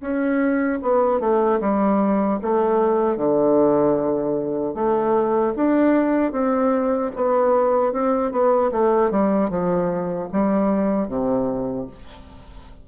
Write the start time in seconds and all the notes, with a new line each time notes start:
0.00 C#4
0.81 B3
1.20 A3
1.60 G3
2.42 A3
3.17 D3
4.74 A3
5.56 D4
6.32 C4
7.15 B3
7.92 C4
8.31 B3
8.71 A3
9.10 G3
9.49 F3
10.32 G3
11.07 C3